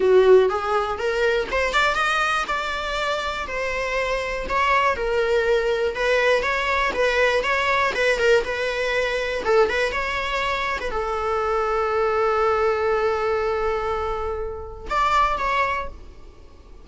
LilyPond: \new Staff \with { instrumentName = "viola" } { \time 4/4 \tempo 4 = 121 fis'4 gis'4 ais'4 c''8 d''8 | dis''4 d''2 c''4~ | c''4 cis''4 ais'2 | b'4 cis''4 b'4 cis''4 |
b'8 ais'8 b'2 a'8 b'8 | cis''4.~ cis''16 b'16 a'2~ | a'1~ | a'2 d''4 cis''4 | }